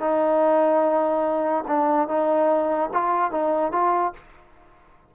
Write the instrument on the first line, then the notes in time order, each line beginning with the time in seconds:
trombone
0.00 D#4
1.68 D4
2.08 D#4
2.93 F4
3.31 D#4
3.72 F4